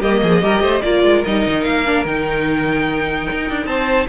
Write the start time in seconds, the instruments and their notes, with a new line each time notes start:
0.00 cello G3, viola A#3, violin G4 D#5
0.22 cello F3, violin G#4
0.41 cello G3, viola G4, violin A#4
0.61 cello A3, violin C5
0.82 cello A#3, viola F4, violin A#4 D5
1.03 cello G#3
1.25 cello G3, viola D#4, violin D#5
1.47 cello D#3
1.63 cello A#3, violin F5
1.85 viola D4
2.04 cello D#3, viola D#4, violin G5
3.32 cello D#4
3.49 cello D4
3.65 cello C4, violin C5 A5